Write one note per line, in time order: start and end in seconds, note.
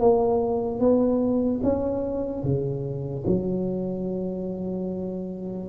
0.00 0.80 A#3
0.80 1.61 B3
1.63 2.43 C#4
2.43 3.24 C#3
3.27 5.69 F#3